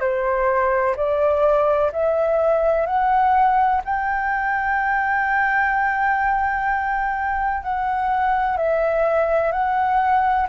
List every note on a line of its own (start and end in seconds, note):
0.00 0.95 C5
0.97 1.92 D5
1.92 2.86 E5
2.86 3.81 F#5
3.85 7.63 G5
7.63 8.57 F#5
8.57 9.52 E5
9.52 10.47 F#5